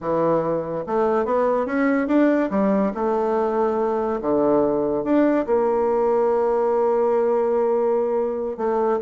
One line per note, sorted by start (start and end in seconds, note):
0.00 0.84 E3
0.86 1.25 A3
1.25 1.66 B3
1.66 2.07 C#4
2.07 2.49 D4
2.50 2.92 G3
2.94 4.20 A3
4.21 5.03 D3
5.03 5.45 D4
5.46 8.57 A#3
8.57 8.99 A3